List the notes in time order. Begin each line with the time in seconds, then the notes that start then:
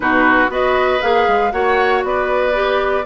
0.00 B2 D#4 F#4 B4
0.49 B3 F#4 B4 D#5
1.01 A#3 G#4 F5
1.27 G#3
1.51 A#3 F#4 C#5 F#5
2.03 B3 B4 D5
2.53 G4